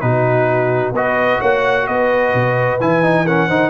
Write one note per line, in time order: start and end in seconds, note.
0.00 0.92 B2
0.00 0.94 D#4
0.00 0.94 F#4
0.00 0.92 B4
0.92 1.38 B3
0.92 2.80 F#4
0.92 1.39 B4
0.92 1.40 D#5
1.39 1.87 A#3
1.39 1.85 C#5
1.39 1.87 F#5
1.87 2.33 B3
1.87 3.24 B4
1.87 2.79 D#5
2.33 2.79 B2
2.80 3.49 E3
2.80 3.03 E4
2.80 3.26 G#5
3.03 3.26 D#4
3.24 3.49 C#4
3.24 3.46 A#4
3.24 3.69 F#5
3.46 3.69 D#3
3.46 3.69 D#4
3.46 3.69 C5